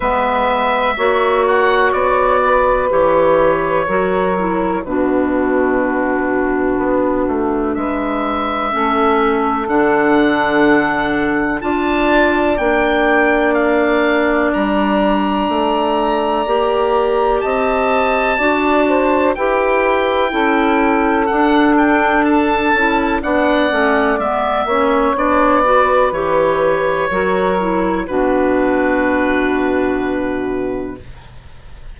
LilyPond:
<<
  \new Staff \with { instrumentName = "oboe" } { \time 4/4 \tempo 4 = 62 e''4. fis''8 d''4 cis''4~ | cis''4 b'2. | e''2 fis''2 | a''4 g''4 f''4 ais''4~ |
ais''2 a''2 | g''2 fis''8 g''8 a''4 | fis''4 e''4 d''4 cis''4~ | cis''4 b'2. | }
  \new Staff \with { instrumentName = "saxophone" } { \time 4/4 b'4 cis''4. b'4. | ais'4 fis'2. | b'4 a'2. | d''1~ |
d''2 dis''4 d''8 c''8 | b'4 a'2. | d''4. cis''4 b'4. | ais'4 fis'2. | }
  \new Staff \with { instrumentName = "clarinet" } { \time 4/4 b4 fis'2 g'4 | fis'8 e'8 d'2.~ | d'4 cis'4 d'2 | f'4 d'2.~ |
d'4 g'2 fis'4 | g'4 e'4 d'4. e'8 | d'8 cis'8 b8 cis'8 d'8 fis'8 g'4 | fis'8 e'8 d'2. | }
  \new Staff \with { instrumentName = "bassoon" } { \time 4/4 gis4 ais4 b4 e4 | fis4 b,2 b8 a8 | gis4 a4 d2 | d'4 ais2 g4 |
a4 ais4 c'4 d'4 | e'4 cis'4 d'4. cis'8 | b8 a8 gis8 ais8 b4 e4 | fis4 b,2. | }
>>